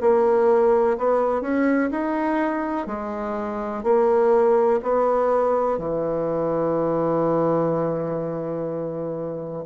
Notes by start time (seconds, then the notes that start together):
0.00 A#3
0.97 B3
1.41 C#4
1.91 D#4
2.86 G#3
3.83 A#3
4.82 B3
5.78 E3